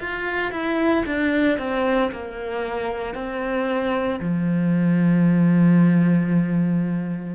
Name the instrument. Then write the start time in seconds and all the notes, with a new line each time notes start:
cello
0.00 F4
0.51 E4
1.06 D4
1.58 C4
2.11 A#3
3.14 C4
4.20 F3